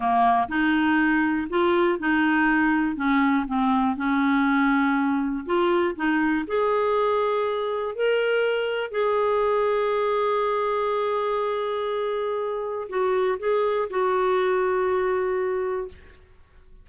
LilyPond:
\new Staff \with { instrumentName = "clarinet" } { \time 4/4 \tempo 4 = 121 ais4 dis'2 f'4 | dis'2 cis'4 c'4 | cis'2. f'4 | dis'4 gis'2. |
ais'2 gis'2~ | gis'1~ | gis'2 fis'4 gis'4 | fis'1 | }